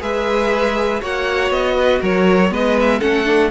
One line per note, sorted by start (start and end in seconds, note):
0.00 1.02 G#3
0.00 1.00 G#4
0.00 1.01 B4
0.00 1.02 E5
1.00 1.50 A#3
1.00 2.50 F#4
1.00 1.75 C#5
1.00 1.51 F#5
1.50 2.00 B3
1.50 2.01 D#5
1.75 2.00 B4
2.01 2.51 F#3
2.01 2.51 A#4
2.01 2.53 C#5
2.50 3.01 G#3
2.50 3.00 B3
2.50 2.99 B4
2.50 2.78 D#5
2.80 3.00 E5
2.99 3.51 A3
2.99 3.25 C#4
2.99 3.49 A4
2.99 3.50 F#5
3.25 3.50 D4